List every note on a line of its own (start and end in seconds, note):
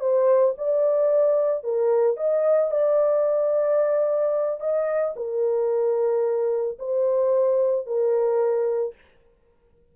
0.00 0.54 C5
0.58 1.64 D5
1.64 2.17 A#4
2.17 2.71 D#5
2.71 4.60 D5
4.60 5.14 D#5
5.16 6.78 A#4
6.79 7.86 C5
7.86 8.95 A#4